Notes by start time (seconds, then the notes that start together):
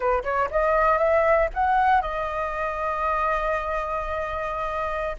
0.00 B4
0.23 C#5
0.50 D#5
0.98 E5
1.54 F#5
2.01 D#5